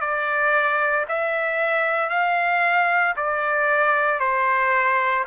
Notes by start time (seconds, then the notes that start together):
0.00 D5
1.08 E5
2.09 F5
3.16 D5
4.19 C5